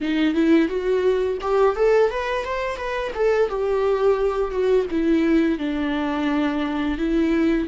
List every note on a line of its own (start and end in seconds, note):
0.01 0.34 D#4
0.34 0.68 E4
0.68 1.38 F#4
1.41 1.76 G4
1.76 2.10 A4
2.10 2.44 B4
2.44 2.76 C5
2.76 3.11 B4
3.14 3.49 A4
3.49 4.51 G4
4.51 4.86 F#4
4.91 5.58 E4
5.58 6.98 D4
6.98 7.67 E4